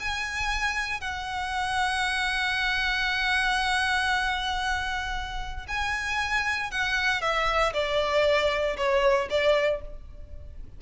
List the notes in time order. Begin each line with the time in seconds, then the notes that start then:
0.00 G#5
1.01 F#5
5.68 G#5
6.71 F#5
7.22 E5
7.74 D5
8.77 C#5
9.30 D5